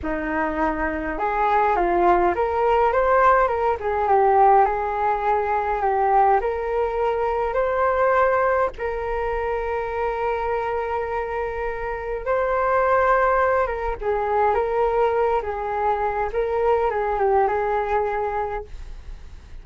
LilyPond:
\new Staff \with { instrumentName = "flute" } { \time 4/4 \tempo 4 = 103 dis'2 gis'4 f'4 | ais'4 c''4 ais'8 gis'8 g'4 | gis'2 g'4 ais'4~ | ais'4 c''2 ais'4~ |
ais'1~ | ais'4 c''2~ c''8 ais'8 | gis'4 ais'4. gis'4. | ais'4 gis'8 g'8 gis'2 | }